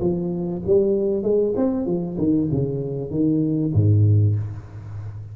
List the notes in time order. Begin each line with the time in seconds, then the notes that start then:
0.00 F3
0.66 G3
1.23 G#3
1.56 C4
1.86 F3
2.18 D#3
2.51 C#3
3.10 D#3
3.74 G#2